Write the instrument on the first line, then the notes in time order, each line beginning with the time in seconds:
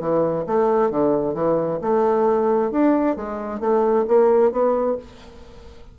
bassoon
0.00 E3
0.47 A3
0.91 D3
1.34 E3
1.81 A3
2.71 D4
3.16 G#3
3.60 A3
4.08 A#3
4.52 B3